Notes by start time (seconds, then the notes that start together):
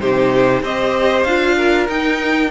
0.00 C3 D#4 G4 C5
0.62 C4 G4 C5 D#5
1.24 D4 F4 F5
1.56 A#4
1.88 D#4 G5